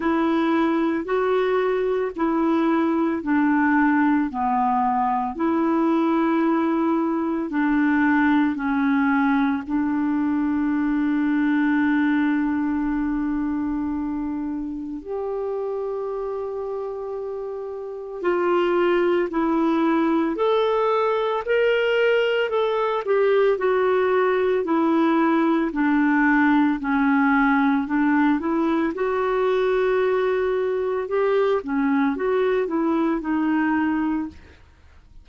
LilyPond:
\new Staff \with { instrumentName = "clarinet" } { \time 4/4 \tempo 4 = 56 e'4 fis'4 e'4 d'4 | b4 e'2 d'4 | cis'4 d'2.~ | d'2 g'2~ |
g'4 f'4 e'4 a'4 | ais'4 a'8 g'8 fis'4 e'4 | d'4 cis'4 d'8 e'8 fis'4~ | fis'4 g'8 cis'8 fis'8 e'8 dis'4 | }